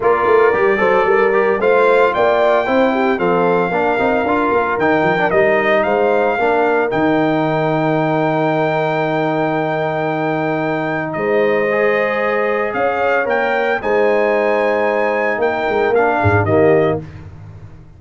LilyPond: <<
  \new Staff \with { instrumentName = "trumpet" } { \time 4/4 \tempo 4 = 113 d''2. f''4 | g''2 f''2~ | f''4 g''4 dis''4 f''4~ | f''4 g''2.~ |
g''1~ | g''4 dis''2. | f''4 g''4 gis''2~ | gis''4 g''4 f''4 dis''4 | }
  \new Staff \with { instrumentName = "horn" } { \time 4/4 ais'4. c''8 ais'4 c''4 | d''4 c''8 g'8 a'4 ais'4~ | ais'2. c''4 | ais'1~ |
ais'1~ | ais'4 c''2. | cis''2 c''2~ | c''4 ais'4. gis'8 g'4 | }
  \new Staff \with { instrumentName = "trombone" } { \time 4/4 f'4 g'8 a'4 g'8 f'4~ | f'4 e'4 c'4 d'8 dis'8 | f'4 dis'8. d'16 dis'2 | d'4 dis'2.~ |
dis'1~ | dis'2 gis'2~ | gis'4 ais'4 dis'2~ | dis'2 d'4 ais4 | }
  \new Staff \with { instrumentName = "tuba" } { \time 4/4 ais8 a8 g8 fis8 g4 a4 | ais4 c'4 f4 ais8 c'8 | d'8 ais8 dis8 f8 g4 gis4 | ais4 dis2.~ |
dis1~ | dis4 gis2. | cis'4 ais4 gis2~ | gis4 ais8 gis8 ais8 gis,8 dis4 | }
>>